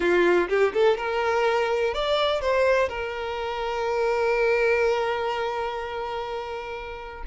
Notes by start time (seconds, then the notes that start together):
0.00 F4
0.48 G4
0.73 A4
0.97 A#4
1.94 D5
2.41 C5
2.88 A#4